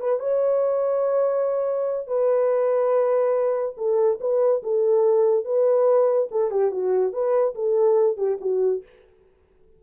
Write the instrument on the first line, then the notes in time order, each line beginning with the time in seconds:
horn
0.00 B4
0.20 C#5
2.07 B4
3.77 A4
4.21 B4
4.63 A4
5.45 B4
6.31 A4
6.51 G4
6.71 F#4
7.13 B4
7.55 A4
8.17 G4
8.41 F#4